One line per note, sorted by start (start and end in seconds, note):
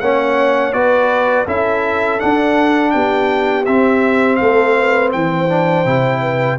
0.00 0.74 A#3
0.00 0.73 C#4
0.00 0.75 C#5
0.00 0.73 F#5
0.73 1.47 B3
0.73 1.46 F#4
0.73 1.46 B4
0.73 1.46 D5
1.46 2.20 C#4
1.46 2.20 E4
1.46 2.92 A4
1.46 2.20 E5
2.20 3.66 D4
2.20 2.95 D4
2.20 2.91 F#5
2.91 3.68 B3
2.91 4.40 G4
2.91 3.64 G5
3.66 4.41 C4
3.66 5.49 C4
3.66 4.36 E5
4.36 5.14 A3
4.36 4.77 A4
4.36 5.09 F5
4.79 5.16 B4
5.12 5.85 E3
5.12 6.21 C5
5.12 6.59 G5
5.49 5.85 D4
5.85 6.58 C3
5.85 6.58 E4
6.21 6.58 B4